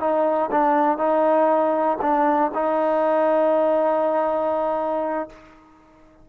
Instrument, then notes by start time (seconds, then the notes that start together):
trombone
0.00 D#4
0.52 D4
0.98 D#4
2.02 D4
2.54 D#4